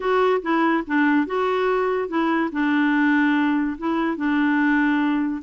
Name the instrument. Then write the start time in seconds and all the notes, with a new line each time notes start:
clarinet
0.00 F#4
0.41 E4
0.86 D4
1.26 F#4
2.08 E4
2.52 D4
3.77 E4
4.17 D4